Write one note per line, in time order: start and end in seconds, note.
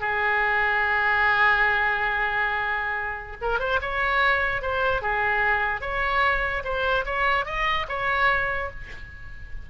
0.00 3.37 G#4
3.41 3.59 A#4
3.59 3.79 C5
3.81 4.61 C#5
4.61 5.01 C5
5.01 5.81 G#4
5.81 6.63 C#5
6.64 7.05 C5
7.05 7.45 C#5
7.45 7.86 D#5
7.88 8.70 C#5